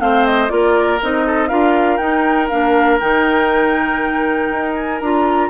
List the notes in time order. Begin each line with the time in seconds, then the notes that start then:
0.00 A3 C4 C5 F5
0.26 D#5
0.49 A#3 F4 A#4 D5
1.03 C4 D#4 D#5
1.26 A4
1.48 D4 F4 A#4 F5
1.97 D#4 G5
2.48 A#3 D4 F5
3.00 D#3 D#4 G5
4.51 D#4
4.74 G#5
5.00 D4 F4 A#5